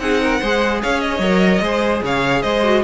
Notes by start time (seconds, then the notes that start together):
0.00 C4 D#4 G#4 F#5
0.22 A#4
0.41 G#3 G#4 C5
0.82 C#4 C#5 F5
1.01 D#5
1.19 F#3 A#4
1.61 G#3 G#4 C5
2.03 C#3 C#5 F5
2.42 G#3 C5 D#5
2.64 F#4